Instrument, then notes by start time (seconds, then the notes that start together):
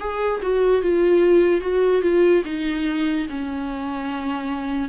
viola
0.00 G#4
0.43 F#4
0.82 F4
1.61 F#4
2.02 F4
2.45 D#4
3.30 C#4